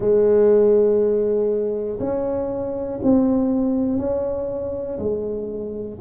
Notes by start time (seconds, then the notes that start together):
0.00 G#3
2.00 C#4
3.02 C4
3.98 C#4
4.99 G#3